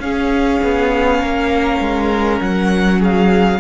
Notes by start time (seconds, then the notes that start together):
0.00 C#4 G#4 F5
0.64 B3
1.19 A#3 A#4
1.80 G#3
2.41 F#3 F#5
3.00 G#4 F5